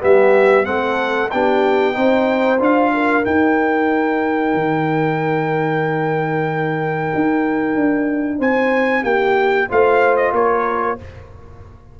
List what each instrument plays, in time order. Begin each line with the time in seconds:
0.00 tuba G3, trombone B3, horn G4, trumpet E5
0.64 tuba A3, trombone C4, horn A4, trumpet F#5
1.31 tuba B3, trombone D4, horn G4, trumpet G5
1.94 tuba C4, trombone D#4, horn C5
2.60 tuba D4, trombone F4, trumpet F5
2.94 horn A#4
3.23 trombone D#4, tuba D#4, trumpet G5
4.54 tuba D#3
7.15 tuba D#4
7.76 tuba D4
8.39 tuba C4, horn C5, trumpet G#5
9.03 tuba A#3, horn G4, trumpet G5
9.69 tuba A3, trombone F4, horn C5, trumpet F5
10.17 trumpet D#5
10.32 tuba A#3, horn A#4, trumpet C#5